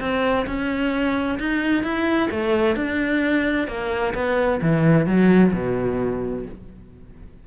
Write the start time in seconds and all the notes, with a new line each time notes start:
0.00 C4
0.47 C#4
1.39 D#4
1.84 E4
2.31 A3
2.76 D4
3.68 A#3
4.14 B3
4.62 E3
5.07 F#3
5.53 B2